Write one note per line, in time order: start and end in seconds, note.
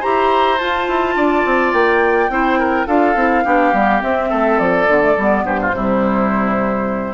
0.00 0.61 E4
0.00 0.59 G4
0.00 1.14 C5
0.00 0.59 A#5
0.59 2.30 F4
0.59 0.89 F4
0.59 1.73 A5
0.89 1.16 E4
1.16 1.45 D4
1.16 2.31 D5
1.45 1.73 C4
1.73 2.29 A#3
1.73 2.87 G5
2.29 2.86 C4
2.29 2.87 E4
2.29 2.59 C5
2.59 2.87 A#4
2.87 3.16 D4
2.87 3.15 F4
2.87 3.44 A4
2.87 4.02 F5
3.16 3.44 C4
3.16 3.45 E4
3.45 3.73 B3
3.45 3.73 D4
3.45 4.30 G4
3.73 4.02 G3
3.73 4.01 B3
4.01 4.87 C4
4.01 4.32 C4
4.01 4.59 E5
4.30 4.59 A3
4.30 5.44 A4
4.59 4.87 F3
4.59 5.45 D5
4.87 5.16 D3
4.87 5.02 B3
5.02 5.16 A3
5.18 5.45 G3
5.18 5.75 B3
5.45 5.73 G2
5.45 5.60 G4
5.45 7.15 C5
5.61 5.75 F4
5.74 7.15 C3
5.74 7.15 G3
5.74 7.15 E4